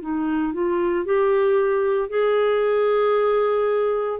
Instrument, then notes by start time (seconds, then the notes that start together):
clarinet
0.00 D#4
0.53 F4
1.05 G4
2.09 G#4